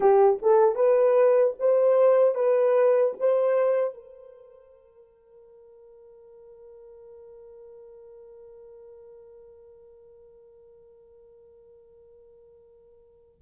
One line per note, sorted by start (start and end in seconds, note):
0.00 0.39 G4
0.42 0.75 A4
0.75 1.54 B4
1.59 2.34 C5
2.34 3.13 B4
3.19 3.94 C5
3.94 13.41 A#4